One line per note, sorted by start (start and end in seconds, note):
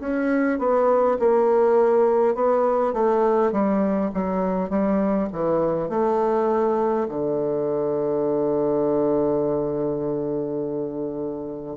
0.00 0.59 C#4
0.59 1.18 B3
1.19 2.35 A#3
2.35 2.93 B3
2.93 3.52 A3
3.52 4.11 G3
4.14 4.70 F#3
4.70 5.28 G3
5.33 5.89 E3
5.89 7.07 A3
7.09 11.77 D3